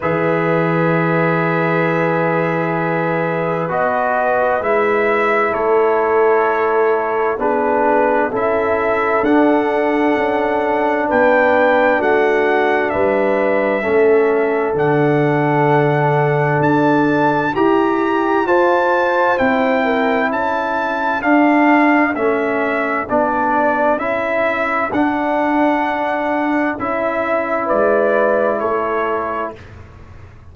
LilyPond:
<<
  \new Staff \with { instrumentName = "trumpet" } { \time 4/4 \tempo 4 = 65 e''1 | dis''4 e''4 cis''2 | b'4 e''4 fis''2 | g''4 fis''4 e''2 |
fis''2 a''4 ais''4 | a''4 g''4 a''4 f''4 | e''4 d''4 e''4 fis''4~ | fis''4 e''4 d''4 cis''4 | }
  \new Staff \with { instrumentName = "horn" } { \time 4/4 b'1~ | b'2 a'2 | gis'4 a'2. | b'4 fis'4 b'4 a'4~ |
a'2. g'4 | c''4. ais'8 a'2~ | a'1~ | a'2 b'4 a'4 | }
  \new Staff \with { instrumentName = "trombone" } { \time 4/4 gis'1 | fis'4 e'2. | d'4 e'4 d'2~ | d'2. cis'4 |
d'2. g'4 | f'4 e'2 d'4 | cis'4 d'4 e'4 d'4~ | d'4 e'2. | }
  \new Staff \with { instrumentName = "tuba" } { \time 4/4 e1 | b4 gis4 a2 | b4 cis'4 d'4 cis'4 | b4 a4 g4 a4 |
d2 d'4 e'4 | f'4 c'4 cis'4 d'4 | a4 b4 cis'4 d'4~ | d'4 cis'4 gis4 a4 | }
>>